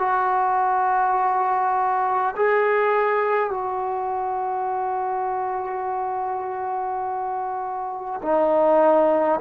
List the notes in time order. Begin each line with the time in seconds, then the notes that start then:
0.00 F#4
2.36 G#4
3.51 F#4
8.23 D#4